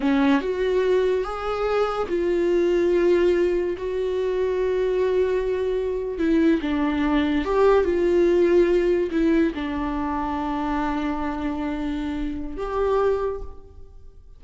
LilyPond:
\new Staff \with { instrumentName = "viola" } { \time 4/4 \tempo 4 = 143 cis'4 fis'2 gis'4~ | gis'4 f'2.~ | f'4 fis'2.~ | fis'2~ fis'8. e'4 d'16~ |
d'4.~ d'16 g'4 f'4~ f'16~ | f'4.~ f'16 e'4 d'4~ d'16~ | d'1~ | d'2 g'2 | }